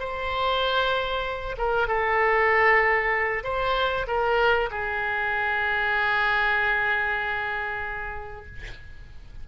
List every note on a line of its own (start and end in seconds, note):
0.00 1.56 C5
1.58 1.88 A#4
1.88 3.44 A4
3.44 4.07 C5
4.07 4.70 A#4
4.71 8.46 G#4